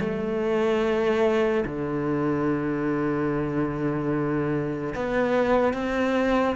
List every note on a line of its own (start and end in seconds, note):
0.00 1.64 A3
1.66 4.94 D3
4.95 5.73 B3
5.73 6.56 C4